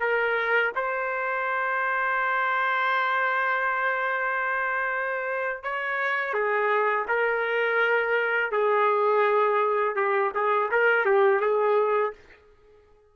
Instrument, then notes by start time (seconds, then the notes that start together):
trumpet
0.00 A#4
0.76 C5
5.64 C#5
6.34 G#4
7.08 A#4
8.52 G#4
9.96 G4
10.35 G#4
10.72 A#4
11.06 G4
11.41 G#4